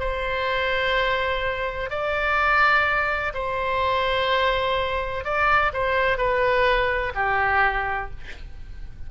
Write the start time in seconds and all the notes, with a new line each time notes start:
0.00 C5
1.90 D5
3.34 C5
5.25 D5
5.74 C5
6.18 B4
7.15 G4